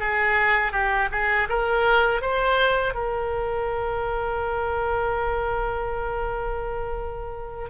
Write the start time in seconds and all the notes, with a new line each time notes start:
0.00 G#4
0.73 G4
1.12 G#4
1.49 A#4
2.22 C5
2.95 A#4